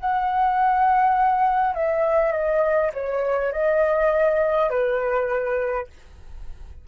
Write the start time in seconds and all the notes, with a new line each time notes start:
0.00 F#5
1.75 E5
2.32 D#5
2.94 C#5
3.52 D#5
4.70 B4